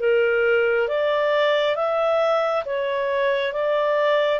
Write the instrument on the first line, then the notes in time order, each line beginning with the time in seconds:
clarinet
0.00 A#4
0.88 D5
1.76 E5
2.66 C#5
3.53 D5